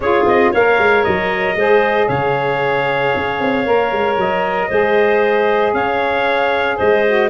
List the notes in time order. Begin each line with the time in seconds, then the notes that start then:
0.00 C#4 F4 G#4 C#5
0.25 C4 D#5
0.51 A#3 A#4 C#5 F5
0.78 G#3
1.03 F#3 D#5
1.55 G#3 G#4 C5
2.07 C#3 C#5 F5
3.15 C#4
3.40 C4
3.65 A#3 A#4
3.92 G#3
4.16 F#3 D#5
4.68 G#3 G#4 C5
5.73 C#4 C#5 F5
6.77 G#3 C5 D#5
7.06 F#4